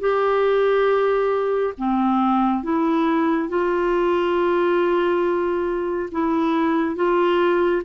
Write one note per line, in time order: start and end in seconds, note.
0.00 1.74 G4
1.77 2.63 C4
2.63 3.49 E4
3.49 6.10 F4
6.12 6.96 E4
6.96 7.83 F4